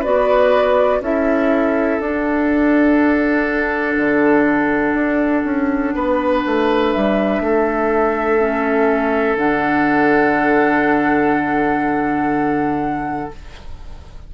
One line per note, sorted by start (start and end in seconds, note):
0.00 1.00 B3
0.00 1.02 F#4
0.00 0.98 B4
0.00 1.02 D5
1.00 1.98 C#4
1.00 2.01 E4
1.00 5.95 A4
1.00 2.00 E5
2.00 3.97 D4
2.00 8.40 D4
2.00 6.92 F#5
3.97 4.94 D3
4.94 5.43 D4
5.44 5.94 C#4
5.95 6.44 B3
5.95 7.42 B4
6.46 6.95 A3
6.92 7.40 G3
6.92 9.37 E5
7.40 9.35 A3
7.40 13.34 A4
8.40 9.38 C#4
9.35 13.29 D3
9.35 13.31 D4
9.35 13.31 F#5